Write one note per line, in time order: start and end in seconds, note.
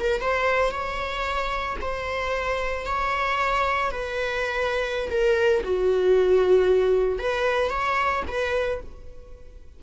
0.00 0.22 A#4
0.22 0.71 C5
0.71 1.77 C#5
1.81 2.86 C5
2.86 3.91 C#5
3.91 5.10 B4
5.11 5.63 A#4
5.64 7.19 F#4
7.19 7.70 B4
7.70 8.23 C#5
8.28 8.80 B4